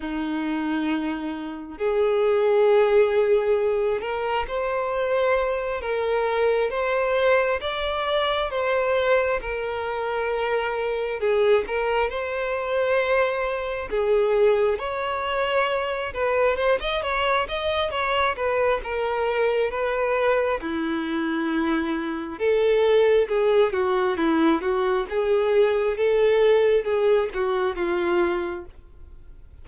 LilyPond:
\new Staff \with { instrumentName = "violin" } { \time 4/4 \tempo 4 = 67 dis'2 gis'2~ | gis'8 ais'8 c''4. ais'4 c''8~ | c''8 d''4 c''4 ais'4.~ | ais'8 gis'8 ais'8 c''2 gis'8~ |
gis'8 cis''4. b'8 c''16 dis''16 cis''8 dis''8 | cis''8 b'8 ais'4 b'4 e'4~ | e'4 a'4 gis'8 fis'8 e'8 fis'8 | gis'4 a'4 gis'8 fis'8 f'4 | }